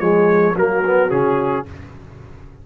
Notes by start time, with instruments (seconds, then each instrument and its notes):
0.00 tuba F3, trombone G#3, horn G#4, trumpet C#5
0.55 tuba F#3, trombone A#3, horn F#4, trumpet A#4
0.85 trombone B3
1.10 tuba C#3, trombone C#4, trumpet G#4